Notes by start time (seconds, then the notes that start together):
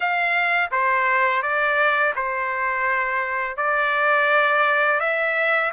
0.00 F5
0.71 C5
1.42 D5
2.15 C5
3.56 D5
5.00 E5